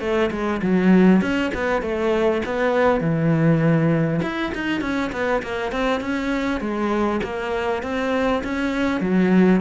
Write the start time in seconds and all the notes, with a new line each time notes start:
0.00 A3
0.31 G#3
0.62 F#3
1.21 C#4
1.54 B3
1.82 A3
2.45 B3
3.01 E3
4.22 E4
4.54 D#4
4.81 C#4
5.12 B3
5.42 A#3
5.72 C4
6.01 C#4
6.61 G#3
7.23 A#3
7.83 C4
8.44 C#4
9.01 F#3